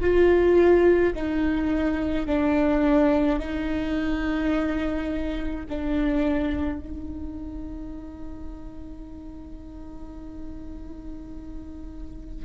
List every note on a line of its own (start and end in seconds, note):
0.00 1.13 F4
1.15 2.26 D#4
2.26 3.39 D4
3.39 5.66 D#4
5.69 6.79 D4
6.79 12.45 D#4